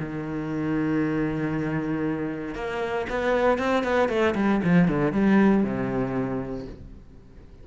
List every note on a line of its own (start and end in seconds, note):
0.00 2.55 D#3
2.55 3.06 A#3
3.10 3.59 B3
3.59 3.84 C4
3.84 4.09 B3
4.09 4.35 A3
4.35 4.61 G3
4.64 4.88 F3
4.88 5.13 D3
5.13 5.64 G3
5.64 6.66 C3